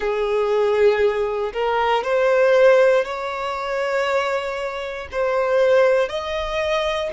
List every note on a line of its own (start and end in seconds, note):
0.00 1.52 G#4
1.53 2.03 A#4
2.03 3.04 C5
3.04 5.08 C#5
5.11 6.08 C5
6.08 7.10 D#5